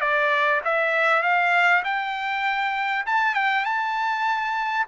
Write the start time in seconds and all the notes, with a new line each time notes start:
0.00 D5
0.64 E5
1.22 F5
1.83 G5
3.06 A5
3.34 G5
3.64 A5